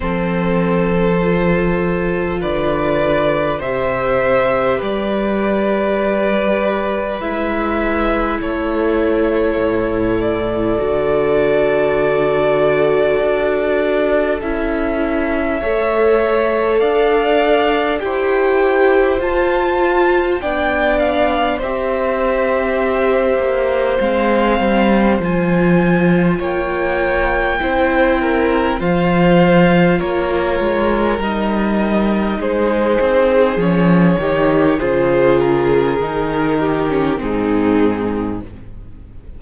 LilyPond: <<
  \new Staff \with { instrumentName = "violin" } { \time 4/4 \tempo 4 = 50 c''2 d''4 e''4 | d''2 e''4 cis''4~ | cis''8 d''2.~ d''8 | e''2 f''4 g''4 |
a''4 g''8 f''8 e''2 | f''4 gis''4 g''2 | f''4 cis''4 dis''4 c''4 | cis''4 c''8 ais'4. gis'4 | }
  \new Staff \with { instrumentName = "violin" } { \time 4/4 a'2 b'4 c''4 | b'2. a'4~ | a'1~ | a'4 cis''4 d''4 c''4~ |
c''4 d''4 c''2~ | c''2 cis''4 c''8 ais'8 | c''4 ais'2 gis'4~ | gis'8 g'8 gis'4. g'8 dis'4 | }
  \new Staff \with { instrumentName = "viola" } { \time 4/4 c'4 f'2 g'4~ | g'2 e'2~ | e'4 fis'2. | e'4 a'2 g'4 |
f'4 d'4 g'2 | c'4 f'2 e'4 | f'2 dis'2 | cis'8 dis'8 f'4 dis'8. cis'16 c'4 | }
  \new Staff \with { instrumentName = "cello" } { \time 4/4 f2 d4 c4 | g2 gis4 a4 | a,4 d2 d'4 | cis'4 a4 d'4 e'4 |
f'4 b4 c'4. ais8 | gis8 g8 f4 ais4 c'4 | f4 ais8 gis8 g4 gis8 c'8 | f8 dis8 cis4 dis4 gis,4 | }
>>